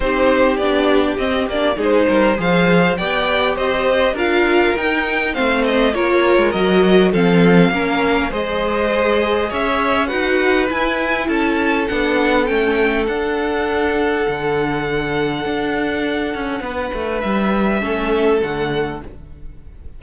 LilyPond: <<
  \new Staff \with { instrumentName = "violin" } { \time 4/4 \tempo 4 = 101 c''4 d''4 dis''8 d''8 c''4 | f''4 g''4 dis''4 f''4 | g''4 f''8 dis''8 cis''4 dis''4 | f''2 dis''2 |
e''4 fis''4 gis''4 a''4 | fis''4 g''4 fis''2~ | fis''1~ | fis''4 e''2 fis''4 | }
  \new Staff \with { instrumentName = "violin" } { \time 4/4 g'2. gis'8 ais'8 | c''4 d''4 c''4 ais'4~ | ais'4 c''4 ais'2 | a'4 ais'4 c''2 |
cis''4 b'2 a'4~ | a'1~ | a'1 | b'2 a'2 | }
  \new Staff \with { instrumentName = "viola" } { \time 4/4 dis'4 d'4 c'8 d'8 dis'4 | gis'4 g'2 f'4 | dis'4 c'4 f'4 fis'4 | c'4 cis'4 gis'2~ |
gis'4 fis'4 e'2 | d'4 cis'4 d'2~ | d'1~ | d'2 cis'4 a4 | }
  \new Staff \with { instrumentName = "cello" } { \time 4/4 c'4 b4 c'8 ais8 gis8 g8 | f4 b4 c'4 d'4 | dis'4 a4 ais8. gis16 fis4 | f4 ais4 gis2 |
cis'4 dis'4 e'4 cis'4 | b4 a4 d'2 | d2 d'4. cis'8 | b8 a8 g4 a4 d4 | }
>>